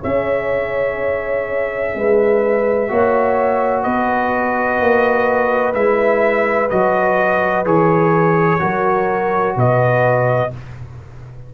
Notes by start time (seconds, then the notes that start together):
0.00 C#4 G#4 C#5 E5
1.95 G#3 B4
2.88 A#3 F#4 C#5
3.83 B3 B4 D#5
4.80 A#3
5.74 G#3 E4 E5
6.69 F#3 F#4 D#5
7.65 E3 G#4 C#5
8.59 F#3 F#4 A#4
9.56 B2 B4 D#5